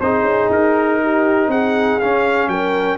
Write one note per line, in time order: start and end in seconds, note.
0.00 0.22 C4
0.00 2.01 D#4
0.00 1.01 G#4
0.00 0.50 C5
0.22 0.47 C#4
0.50 1.48 D#4
0.50 1.51 A#4
1.02 1.50 G4
1.48 1.97 C4
1.48 2.49 G#4
1.48 1.99 F#5
1.99 2.98 C#4
1.99 2.47 C#4
1.99 2.49 F5
2.47 2.97 F#3
2.47 2.98 A#4
2.47 2.98 G5